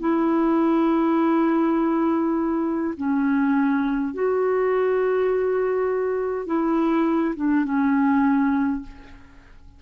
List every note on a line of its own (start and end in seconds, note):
0.00 2.94 E4
2.97 4.14 C#4
4.14 6.47 F#4
6.47 7.35 E4
7.36 7.65 D4
7.65 8.82 C#4